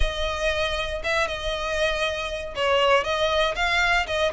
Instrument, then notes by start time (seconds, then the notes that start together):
violin
0.00 D#5
1.03 E5
1.27 D#5
2.55 C#5
3.04 D#5
3.55 F5
4.06 D#5